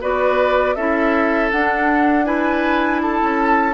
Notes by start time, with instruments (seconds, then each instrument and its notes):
0.00 bassoon B3, clarinet F#4, oboe B4, flute D5
0.75 bassoon C#4, clarinet E4, oboe A4, flute E5
1.51 clarinet D4, bassoon D4, flute F#5
2.24 clarinet E4, oboe B4, flute G#5
3.01 oboe A4, flute A5
3.21 bassoon C#4